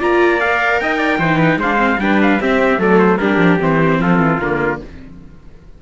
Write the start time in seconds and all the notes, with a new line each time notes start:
0.00 A#3 F4 D5 A#5
0.41 A#4 F5
0.81 D#4 D#5 G5
0.98 D5
1.19 E3 D#4 C5
1.38 B4
1.57 G#3 C5 F5
1.64 D4
1.77 C4
1.99 G3 D4 B4 G5
2.22 F5
2.40 C4 G4 E5
2.78 F#3 A3 A4 D5
2.99 C5
3.18 G3 D4 G4 A#4
3.38 F3
3.60 E3 C4 C5
4.00 F3 F4 A4
4.20 E3
4.41 D3 A#3 A#4